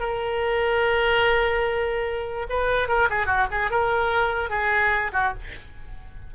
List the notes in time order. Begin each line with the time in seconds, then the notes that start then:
0.00 A#4
2.50 B4
2.88 A#4
3.10 G#4
3.26 F#4
3.51 G#4
3.71 A#4
4.50 G#4
5.13 F#4